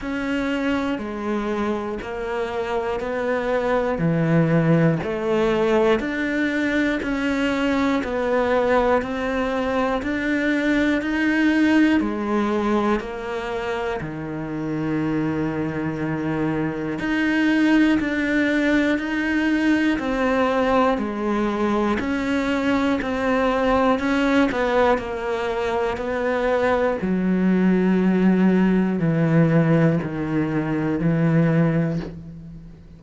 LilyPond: \new Staff \with { instrumentName = "cello" } { \time 4/4 \tempo 4 = 60 cis'4 gis4 ais4 b4 | e4 a4 d'4 cis'4 | b4 c'4 d'4 dis'4 | gis4 ais4 dis2~ |
dis4 dis'4 d'4 dis'4 | c'4 gis4 cis'4 c'4 | cis'8 b8 ais4 b4 fis4~ | fis4 e4 dis4 e4 | }